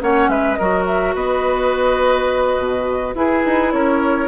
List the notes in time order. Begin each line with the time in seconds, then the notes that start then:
0.00 A#3 C#4 C#5 F#5
0.28 G#3 B4 E5
0.54 F#3 F#4 A#4 D#5
0.86 E5
1.15 B3 B4 D#5
2.58 B2
3.15 E4 G#4 B4
3.45 D#4
3.72 C#4 A#4 C#5